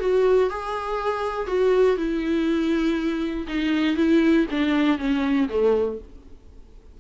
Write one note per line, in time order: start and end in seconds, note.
0.00 0.50 F#4
0.50 1.47 G#4
1.47 1.97 F#4
1.97 3.47 E4
3.48 3.96 D#4
3.96 4.46 E4
4.51 4.98 D4
4.98 5.48 C#4
5.49 5.99 A3